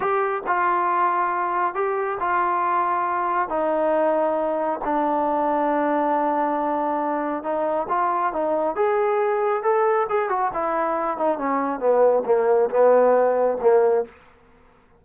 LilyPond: \new Staff \with { instrumentName = "trombone" } { \time 4/4 \tempo 4 = 137 g'4 f'2. | g'4 f'2. | dis'2. d'4~ | d'1~ |
d'4 dis'4 f'4 dis'4 | gis'2 a'4 gis'8 fis'8 | e'4. dis'8 cis'4 b4 | ais4 b2 ais4 | }